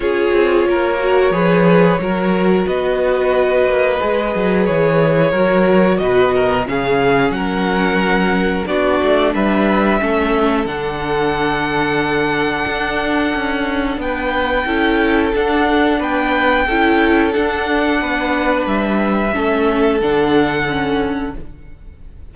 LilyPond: <<
  \new Staff \with { instrumentName = "violin" } { \time 4/4 \tempo 4 = 90 cis''1 | dis''2. cis''4~ | cis''4 dis''4 f''4 fis''4~ | fis''4 d''4 e''2 |
fis''1~ | fis''4 g''2 fis''4 | g''2 fis''2 | e''2 fis''2 | }
  \new Staff \with { instrumentName = "violin" } { \time 4/4 gis'4 ais'4 b'4 ais'4 | b'1 | ais'4 b'8 ais'8 gis'4 ais'4~ | ais'4 fis'4 b'4 a'4~ |
a'1~ | a'4 b'4 a'2 | b'4 a'2 b'4~ | b'4 a'2. | }
  \new Staff \with { instrumentName = "viola" } { \time 4/4 f'4. fis'8 gis'4 fis'4~ | fis'2 gis'2 | fis'2 cis'2~ | cis'4 d'2 cis'4 |
d'1~ | d'2 e'4 d'4~ | d'4 e'4 d'2~ | d'4 cis'4 d'4 cis'4 | }
  \new Staff \with { instrumentName = "cello" } { \time 4/4 cis'8 c'8 ais4 f4 fis4 | b4. ais8 gis8 fis8 e4 | fis4 b,4 cis4 fis4~ | fis4 b8 a8 g4 a4 |
d2. d'4 | cis'4 b4 cis'4 d'4 | b4 cis'4 d'4 b4 | g4 a4 d2 | }
>>